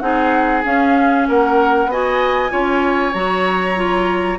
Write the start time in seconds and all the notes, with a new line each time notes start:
0.00 C4 D#4 G#4 F#5
0.64 C#4 F5
1.28 A#3 A#4 F#5
1.86 B3 F#4 D#5 G#5
2.50 C#4 F4 C#5
3.14 F#3 F#4 A#5
3.76 F4